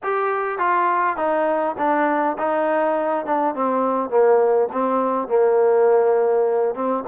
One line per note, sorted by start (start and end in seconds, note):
0.03 0.58 G4
0.58 1.17 F4
1.17 1.75 D#4
1.78 2.36 D4
2.38 3.25 D#4
3.25 3.54 D4
3.54 4.10 C4
4.10 4.68 A#3
4.72 5.28 C4
5.28 6.74 A#3
6.74 7.04 C4